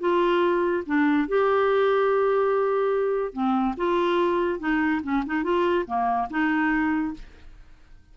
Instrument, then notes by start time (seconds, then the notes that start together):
clarinet
0.00 F4
0.87 D4
1.28 G4
3.33 C4
3.77 F4
4.60 D#4
5.03 C#4
5.26 D#4
5.44 F4
5.87 A#3
6.30 D#4